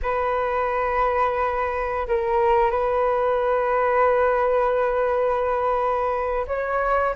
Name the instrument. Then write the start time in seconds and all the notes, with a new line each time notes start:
flute
0.02 B4
2.07 A#4
2.71 B4
6.47 C#5